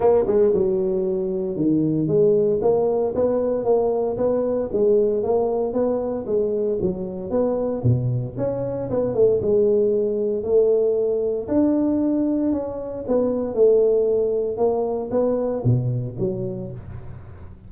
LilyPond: \new Staff \with { instrumentName = "tuba" } { \time 4/4 \tempo 4 = 115 ais8 gis8 fis2 dis4 | gis4 ais4 b4 ais4 | b4 gis4 ais4 b4 | gis4 fis4 b4 b,4 |
cis'4 b8 a8 gis2 | a2 d'2 | cis'4 b4 a2 | ais4 b4 b,4 fis4 | }